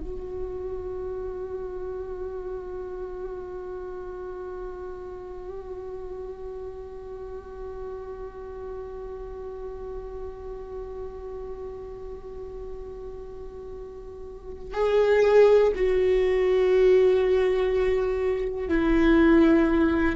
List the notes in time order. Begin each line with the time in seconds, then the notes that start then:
0.00 F#4
14.73 G#4
15.75 F#4
18.68 E4